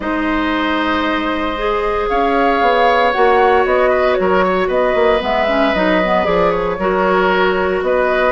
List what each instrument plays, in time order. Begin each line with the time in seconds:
0.00 bassoon G#3, clarinet D#4, oboe C5, flute D#5
1.57 clarinet G#4
2.08 bassoon C#4, oboe C#5, flute F5
2.61 bassoon B3
3.11 bassoon A#3, clarinet F#4, flute F#5
3.65 bassoon B3, flute D#5
3.90 oboe B4
4.13 bassoon F#3, flute C#5
4.21 oboe A#4
4.44 oboe C#5
4.68 bassoon B3, oboe B4, flute D#5
4.94 bassoon A#3
5.20 bassoon G#3, clarinet B3, flute E5
5.47 clarinet C#4
5.74 bassoon F#3, clarinet D#4, flute D#5
6.04 clarinet B3
6.24 bassoon F3, clarinet G#4, flute D5
6.51 flute C#5
6.78 bassoon F#3, clarinet F#4, oboe A#4
7.81 bassoon B3, oboe B4, flute D#5